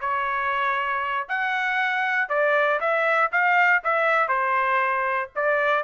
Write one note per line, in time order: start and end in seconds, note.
0.00 1.27 C#5
1.29 2.29 F#5
2.29 2.80 D5
2.80 3.31 E5
3.31 3.82 F5
3.83 4.28 E5
4.28 5.30 C5
5.35 5.83 D5